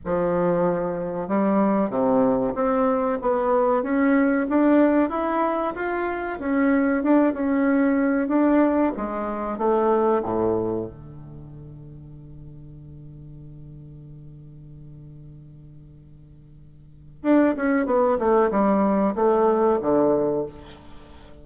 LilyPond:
\new Staff \with { instrumentName = "bassoon" } { \time 4/4 \tempo 4 = 94 f2 g4 c4 | c'4 b4 cis'4 d'4 | e'4 f'4 cis'4 d'8 cis'8~ | cis'4 d'4 gis4 a4 |
a,4 d2.~ | d1~ | d2. d'8 cis'8 | b8 a8 g4 a4 d4 | }